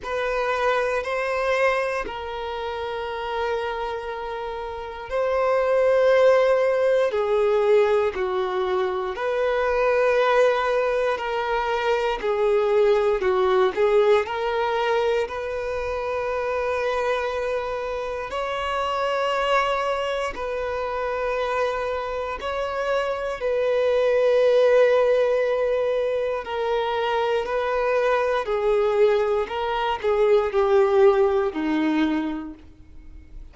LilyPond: \new Staff \with { instrumentName = "violin" } { \time 4/4 \tempo 4 = 59 b'4 c''4 ais'2~ | ais'4 c''2 gis'4 | fis'4 b'2 ais'4 | gis'4 fis'8 gis'8 ais'4 b'4~ |
b'2 cis''2 | b'2 cis''4 b'4~ | b'2 ais'4 b'4 | gis'4 ais'8 gis'8 g'4 dis'4 | }